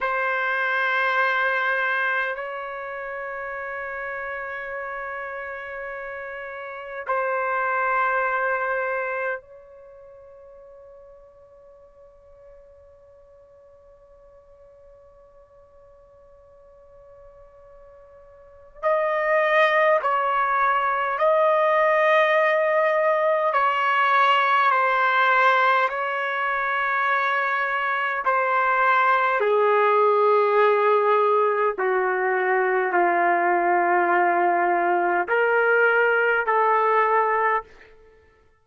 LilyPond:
\new Staff \with { instrumentName = "trumpet" } { \time 4/4 \tempo 4 = 51 c''2 cis''2~ | cis''2 c''2 | cis''1~ | cis''1 |
dis''4 cis''4 dis''2 | cis''4 c''4 cis''2 | c''4 gis'2 fis'4 | f'2 ais'4 a'4 | }